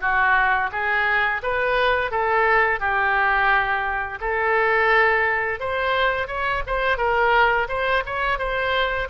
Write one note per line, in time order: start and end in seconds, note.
0.00 0.70 F#4
0.71 1.41 G#4
1.42 2.11 B4
2.11 2.79 A4
2.79 4.19 G4
4.20 5.59 A4
5.59 6.27 C5
6.27 6.62 C#5
6.66 6.97 C5
6.97 7.67 A#4
7.68 8.03 C5
8.05 8.38 C#5
8.38 9.08 C5